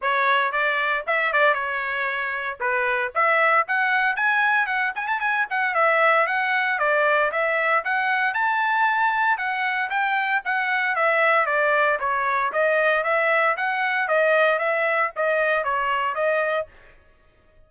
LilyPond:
\new Staff \with { instrumentName = "trumpet" } { \time 4/4 \tempo 4 = 115 cis''4 d''4 e''8 d''8 cis''4~ | cis''4 b'4 e''4 fis''4 | gis''4 fis''8 gis''16 a''16 gis''8 fis''8 e''4 | fis''4 d''4 e''4 fis''4 |
a''2 fis''4 g''4 | fis''4 e''4 d''4 cis''4 | dis''4 e''4 fis''4 dis''4 | e''4 dis''4 cis''4 dis''4 | }